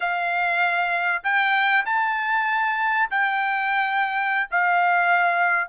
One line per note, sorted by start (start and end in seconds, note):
0.00 1.23 F5
1.23 1.85 G5
1.85 3.09 A5
3.10 4.49 G5
4.50 5.68 F5